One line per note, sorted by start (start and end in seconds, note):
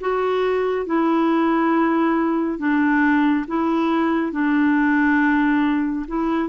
0.00 0.85 F#4
0.85 2.58 E4
2.58 3.45 D4
3.47 4.32 E4
4.32 6.06 D4
6.07 6.49 E4